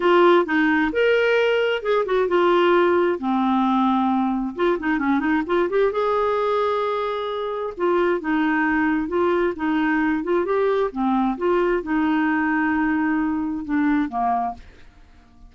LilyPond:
\new Staff \with { instrumentName = "clarinet" } { \time 4/4 \tempo 4 = 132 f'4 dis'4 ais'2 | gis'8 fis'8 f'2 c'4~ | c'2 f'8 dis'8 cis'8 dis'8 | f'8 g'8 gis'2.~ |
gis'4 f'4 dis'2 | f'4 dis'4. f'8 g'4 | c'4 f'4 dis'2~ | dis'2 d'4 ais4 | }